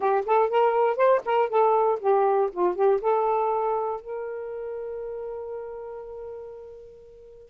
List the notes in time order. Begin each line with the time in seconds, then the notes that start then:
0.00 G4
0.25 A4
0.49 A#4
0.96 C5
1.25 A#4
1.49 A4
2.00 G4
2.52 F4
2.75 G4
3.01 A4
4.00 A#4